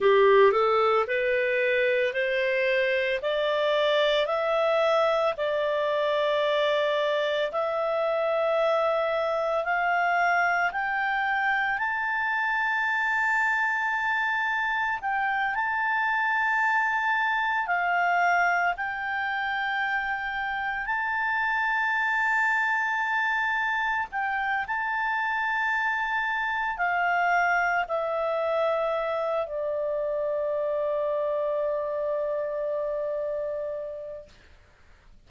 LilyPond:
\new Staff \with { instrumentName = "clarinet" } { \time 4/4 \tempo 4 = 56 g'8 a'8 b'4 c''4 d''4 | e''4 d''2 e''4~ | e''4 f''4 g''4 a''4~ | a''2 g''8 a''4.~ |
a''8 f''4 g''2 a''8~ | a''2~ a''8 g''8 a''4~ | a''4 f''4 e''4. d''8~ | d''1 | }